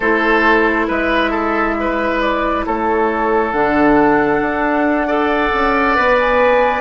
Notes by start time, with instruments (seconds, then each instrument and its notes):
0.00 bassoon A3, clarinet E4, oboe A4, flute C5
0.87 bassoon G#3, oboe B4, flute E5
1.30 oboe A4
1.80 oboe B4
2.20 flute D5
2.65 bassoon A3, oboe A4, flute C#5
3.52 bassoon D3, clarinet D4, flute F#5
4.40 bassoon D4
5.07 clarinet A4, oboe D5
5.53 bassoon C#4
5.95 bassoon B3, clarinet B4
6.19 flute G#5